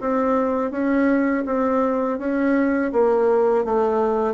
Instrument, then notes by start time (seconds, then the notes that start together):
bassoon
0.00 C4
0.71 C#4
1.46 C4
2.19 C#4
2.92 A#3
3.65 A3